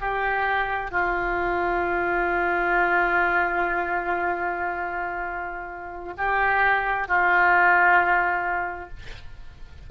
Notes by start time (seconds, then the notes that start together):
0.00 G4
0.91 F4
6.17 G4
7.07 F4